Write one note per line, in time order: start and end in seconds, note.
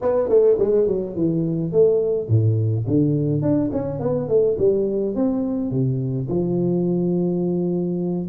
0.01 0.28 B3
0.28 0.57 A3
0.58 0.87 G#3
0.87 1.15 F#3
1.15 1.72 E3
1.72 2.28 A3
2.28 2.85 A2
2.87 3.42 D3
3.42 3.70 D4
3.72 3.99 C#4
3.99 4.28 B3
4.28 4.56 A3
4.58 5.15 G3
5.15 5.71 C4
5.71 6.28 C3
6.28 8.28 F3